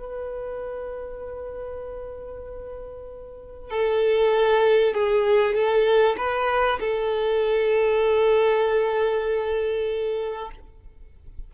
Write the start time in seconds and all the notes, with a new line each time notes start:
0.00 B4
3.71 A4
4.94 G#4
5.55 A4
6.18 B4
6.81 A4